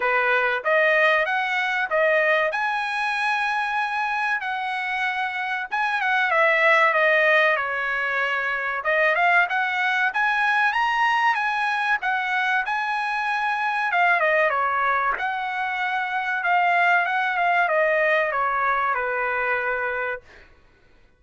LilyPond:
\new Staff \with { instrumentName = "trumpet" } { \time 4/4 \tempo 4 = 95 b'4 dis''4 fis''4 dis''4 | gis''2. fis''4~ | fis''4 gis''8 fis''8 e''4 dis''4 | cis''2 dis''8 f''8 fis''4 |
gis''4 ais''4 gis''4 fis''4 | gis''2 f''8 dis''8 cis''4 | fis''2 f''4 fis''8 f''8 | dis''4 cis''4 b'2 | }